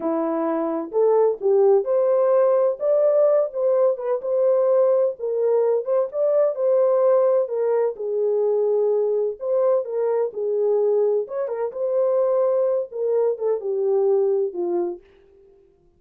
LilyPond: \new Staff \with { instrumentName = "horn" } { \time 4/4 \tempo 4 = 128 e'2 a'4 g'4 | c''2 d''4. c''8~ | c''8 b'8 c''2 ais'4~ | ais'8 c''8 d''4 c''2 |
ais'4 gis'2. | c''4 ais'4 gis'2 | cis''8 ais'8 c''2~ c''8 ais'8~ | ais'8 a'8 g'2 f'4 | }